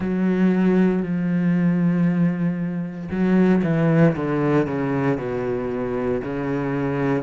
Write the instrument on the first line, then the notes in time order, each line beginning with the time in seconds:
cello
0.00 F#3
1.02 F3
3.10 F#3
3.63 E3
4.16 D3
4.66 C#3
5.17 B2
6.23 C#3